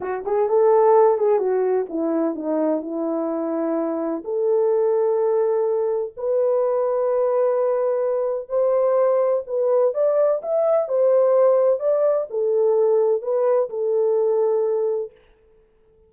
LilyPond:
\new Staff \with { instrumentName = "horn" } { \time 4/4 \tempo 4 = 127 fis'8 gis'8 a'4. gis'8 fis'4 | e'4 dis'4 e'2~ | e'4 a'2.~ | a'4 b'2.~ |
b'2 c''2 | b'4 d''4 e''4 c''4~ | c''4 d''4 a'2 | b'4 a'2. | }